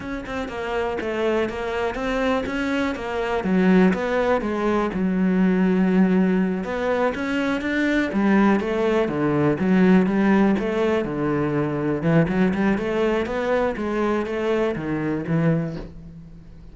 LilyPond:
\new Staff \with { instrumentName = "cello" } { \time 4/4 \tempo 4 = 122 cis'8 c'8 ais4 a4 ais4 | c'4 cis'4 ais4 fis4 | b4 gis4 fis2~ | fis4. b4 cis'4 d'8~ |
d'8 g4 a4 d4 fis8~ | fis8 g4 a4 d4.~ | d8 e8 fis8 g8 a4 b4 | gis4 a4 dis4 e4 | }